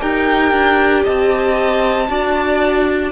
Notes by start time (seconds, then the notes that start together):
0.00 D#4 G4 A#4 G5
0.52 D4
1.03 C4 D#5 A5
2.08 D4 F#4 D5